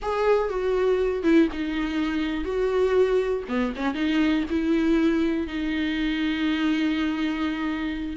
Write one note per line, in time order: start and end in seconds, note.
0.02 0.49 G#4
0.49 1.23 F#4
1.23 1.47 E4
1.52 2.44 D#4
2.44 3.43 F#4
3.48 3.73 B3
3.76 3.94 C#4
3.94 4.44 D#4
4.50 5.47 E4
5.47 8.17 D#4